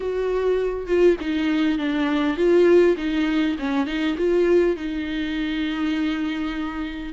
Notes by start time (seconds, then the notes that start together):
0.00 F#4
0.86 F4
1.20 D#4
1.78 D4
2.36 F4
2.97 D#4
3.58 C#4
3.86 D#4
4.17 F4
4.76 D#4